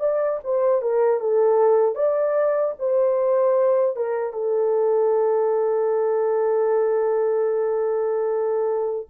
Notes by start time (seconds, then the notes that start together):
0.00 D5
0.44 C5
0.81 A#4
1.20 A4
1.95 D5
2.79 C5
3.96 A#4
4.33 A4